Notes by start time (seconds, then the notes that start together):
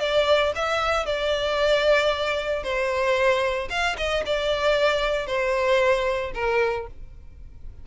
0.00 D5
0.56 E5
1.06 D5
2.63 C5
3.70 F5
3.97 D#5
4.26 D5
5.27 C5
6.34 A#4